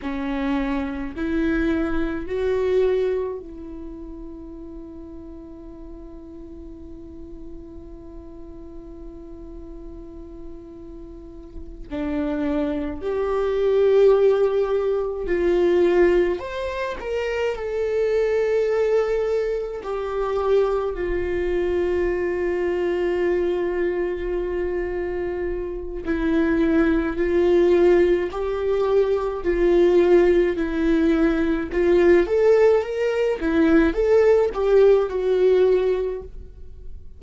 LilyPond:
\new Staff \with { instrumentName = "viola" } { \time 4/4 \tempo 4 = 53 cis'4 e'4 fis'4 e'4~ | e'1~ | e'2~ e'8 d'4 g'8~ | g'4. f'4 c''8 ais'8 a'8~ |
a'4. g'4 f'4.~ | f'2. e'4 | f'4 g'4 f'4 e'4 | f'8 a'8 ais'8 e'8 a'8 g'8 fis'4 | }